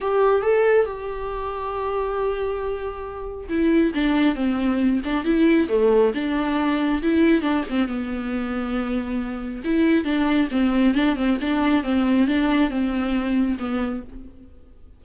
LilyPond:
\new Staff \with { instrumentName = "viola" } { \time 4/4 \tempo 4 = 137 g'4 a'4 g'2~ | g'1 | e'4 d'4 c'4. d'8 | e'4 a4 d'2 |
e'4 d'8 c'8 b2~ | b2 e'4 d'4 | c'4 d'8 c'8 d'4 c'4 | d'4 c'2 b4 | }